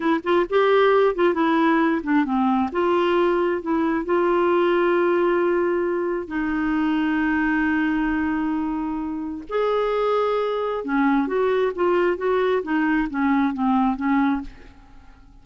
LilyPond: \new Staff \with { instrumentName = "clarinet" } { \time 4/4 \tempo 4 = 133 e'8 f'8 g'4. f'8 e'4~ | e'8 d'8 c'4 f'2 | e'4 f'2.~ | f'2 dis'2~ |
dis'1~ | dis'4 gis'2. | cis'4 fis'4 f'4 fis'4 | dis'4 cis'4 c'4 cis'4 | }